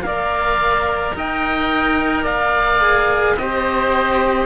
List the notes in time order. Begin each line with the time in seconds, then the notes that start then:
0.00 A#3 A#4 D5 F5
1.15 D#4 D#5 G5
2.23 A#3 D5 F5
2.81 G#4
3.36 C4 G4 C5 D#5